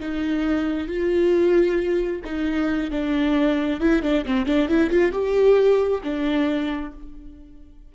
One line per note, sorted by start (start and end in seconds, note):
0.00 0.88 D#4
0.88 2.22 F4
2.25 2.91 D#4
2.91 3.81 D4
3.81 4.03 E4
4.03 4.25 D4
4.25 4.46 C4
4.46 4.69 D4
4.69 4.91 E4
4.91 5.12 F4
5.12 6.02 G4
6.03 6.93 D4